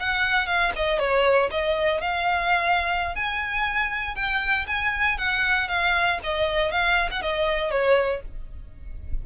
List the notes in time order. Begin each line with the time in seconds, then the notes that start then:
0.00 F#5
0.47 F5
0.76 D#5
0.99 C#5
1.51 D#5
2.02 F5
3.16 G#5
4.16 G5
4.68 G#5
5.18 F#5
5.68 F5
6.24 D#5
6.72 F5
7.11 F#5
7.22 D#5
7.71 C#5